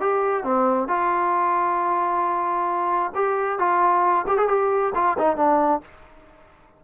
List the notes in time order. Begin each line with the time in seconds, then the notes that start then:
0.00 G4
0.43 C4
0.88 F4
3.15 G4
3.58 F4
4.27 G4
4.37 G#4
4.48 G4
4.95 F4
5.18 D#4
5.36 D4